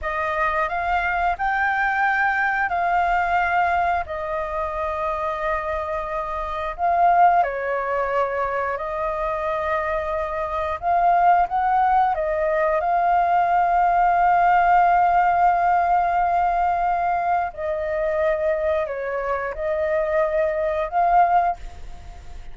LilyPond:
\new Staff \with { instrumentName = "flute" } { \time 4/4 \tempo 4 = 89 dis''4 f''4 g''2 | f''2 dis''2~ | dis''2 f''4 cis''4~ | cis''4 dis''2. |
f''4 fis''4 dis''4 f''4~ | f''1~ | f''2 dis''2 | cis''4 dis''2 f''4 | }